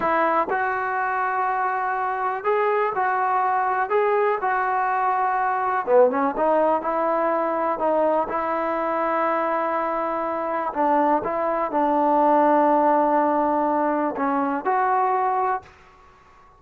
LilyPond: \new Staff \with { instrumentName = "trombone" } { \time 4/4 \tempo 4 = 123 e'4 fis'2.~ | fis'4 gis'4 fis'2 | gis'4 fis'2. | b8 cis'8 dis'4 e'2 |
dis'4 e'2.~ | e'2 d'4 e'4 | d'1~ | d'4 cis'4 fis'2 | }